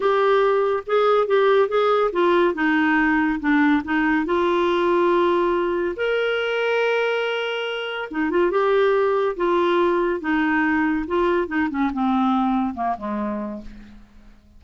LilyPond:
\new Staff \with { instrumentName = "clarinet" } { \time 4/4 \tempo 4 = 141 g'2 gis'4 g'4 | gis'4 f'4 dis'2 | d'4 dis'4 f'2~ | f'2 ais'2~ |
ais'2. dis'8 f'8 | g'2 f'2 | dis'2 f'4 dis'8 cis'8 | c'2 ais8 gis4. | }